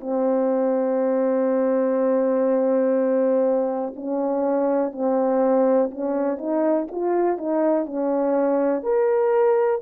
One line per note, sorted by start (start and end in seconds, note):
0.00 3.93 C4
3.96 4.92 C#4
4.92 5.90 C4
5.90 6.38 C#4
6.38 6.87 D#4
6.91 7.38 F4
7.38 7.86 D#4
7.86 8.83 C#4
8.83 9.81 A#4